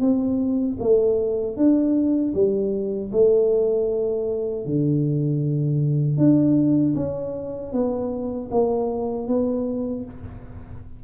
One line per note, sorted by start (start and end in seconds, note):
0.00 0.77 C4
0.79 1.56 A3
1.57 2.34 D4
2.34 3.11 G3
3.12 4.65 A3
4.65 6.17 D3
6.17 6.94 D4
6.95 7.72 C#4
7.72 8.49 B3
8.51 9.27 A#3
9.27 10.04 B3